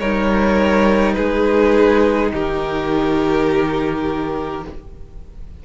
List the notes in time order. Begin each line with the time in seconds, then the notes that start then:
0.00 G3 D#4 A#4 C#5
1.13 G#3 G#4 B4
2.33 D#3 G4 A#4